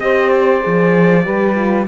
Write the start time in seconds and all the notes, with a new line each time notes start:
0.00 C4 G4 C5 D#5
0.30 D5
0.61 F3 G#4
1.24 G3 G4 B4
1.56 F4